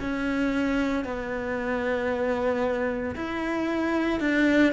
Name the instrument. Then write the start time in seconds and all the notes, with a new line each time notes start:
cello
0.00 C#4
1.04 B3
3.15 E4
4.20 D4